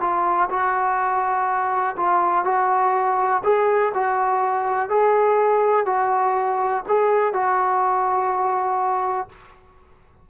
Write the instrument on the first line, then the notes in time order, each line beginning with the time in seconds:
trombone
0.00 F4
0.49 F#4
1.96 F4
2.45 F#4
3.44 G#4
3.94 F#4
4.89 G#4
5.86 F#4
6.88 G#4
7.33 F#4